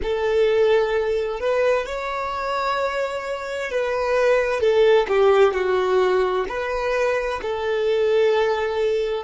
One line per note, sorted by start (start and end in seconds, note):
0.02 1.39 A4
1.39 1.85 B4
1.86 3.70 C#5
3.70 4.60 B4
4.60 5.06 A4
5.08 5.53 G4
5.53 6.45 F#4
6.48 7.40 B4
7.41 9.24 A4